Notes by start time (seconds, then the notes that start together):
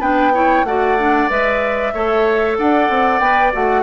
0.00 B3 D4 B4 G5
0.34 E4 C#5
0.64 A3 F#4 D5 F#5
0.99 D4
1.30 G#3 B4 E5
1.94 A3 A4 C#5
2.58 D4 D5 F#5
2.90 C4
3.20 B3 B4 G5
3.53 A3 F#4 F#5